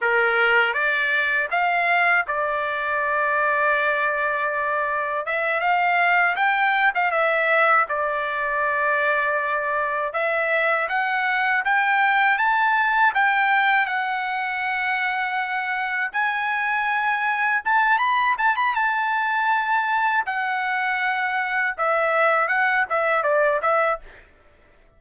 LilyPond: \new Staff \with { instrumentName = "trumpet" } { \time 4/4 \tempo 4 = 80 ais'4 d''4 f''4 d''4~ | d''2. e''8 f''8~ | f''8 g''8. f''16 e''4 d''4.~ | d''4. e''4 fis''4 g''8~ |
g''8 a''4 g''4 fis''4.~ | fis''4. gis''2 a''8 | b''8 a''16 b''16 a''2 fis''4~ | fis''4 e''4 fis''8 e''8 d''8 e''8 | }